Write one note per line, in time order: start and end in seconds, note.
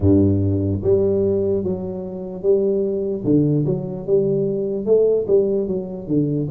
0.00 0.81 G2
0.83 1.63 G3
1.63 2.42 F#3
2.42 3.23 G3
3.24 3.64 D3
3.66 4.06 F#3
4.06 4.85 G3
4.85 5.26 A3
5.27 5.67 G3
5.67 6.07 F#3
6.07 6.48 D3